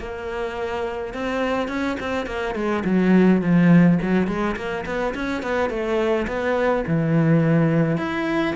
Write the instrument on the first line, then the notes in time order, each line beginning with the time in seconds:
cello
0.00 A#3
1.14 C4
1.69 C#4
2.01 C4
2.27 A#3
2.55 G#3
2.85 F#3
3.42 F3
4.02 F#3
4.28 G#3
4.56 A#3
4.86 B3
5.15 C#4
5.43 B3
5.70 A3
6.28 B3
6.88 E3
7.98 E4